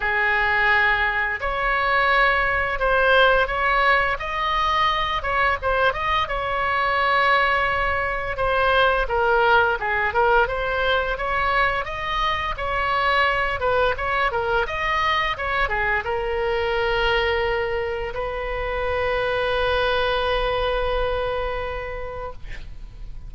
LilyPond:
\new Staff \with { instrumentName = "oboe" } { \time 4/4 \tempo 4 = 86 gis'2 cis''2 | c''4 cis''4 dis''4. cis''8 | c''8 dis''8 cis''2. | c''4 ais'4 gis'8 ais'8 c''4 |
cis''4 dis''4 cis''4. b'8 | cis''8 ais'8 dis''4 cis''8 gis'8 ais'4~ | ais'2 b'2~ | b'1 | }